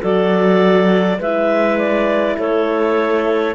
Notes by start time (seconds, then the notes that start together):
0.00 F#3 F#4 A4 D5
1.18 G#3 E4 B4 E5
1.78 D5
2.38 A3 A4 C#5